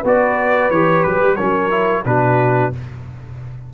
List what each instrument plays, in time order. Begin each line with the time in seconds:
0.00 tuba B3, trombone F#4, horn B4
0.08 trumpet D5
0.71 tuba E3, trombone G4, trumpet C#5
1.04 tuba F#3, trumpet B4
1.23 tuba G3
1.36 tuba F#3, trombone C#4, horn A#4, trumpet C#5
1.71 trombone E4
2.05 tuba B2, trombone D4, horn F#4, trumpet B4